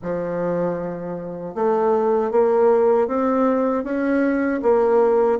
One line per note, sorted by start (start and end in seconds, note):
0.02 1.54 F3
1.54 2.31 A3
2.31 3.07 A#3
3.07 3.84 C4
3.84 4.60 C#4
4.62 5.39 A#3